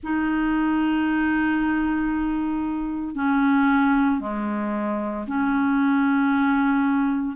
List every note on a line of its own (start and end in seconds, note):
0.02 3.15 D#4
3.15 4.20 C#4
4.20 5.25 G#3
5.27 7.36 C#4